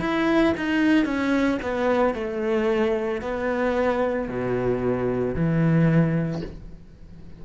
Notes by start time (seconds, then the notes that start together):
0.00 E4
0.57 D#4
1.06 C#4
1.63 B3
2.14 A3
3.22 B3
4.29 B2
5.35 E3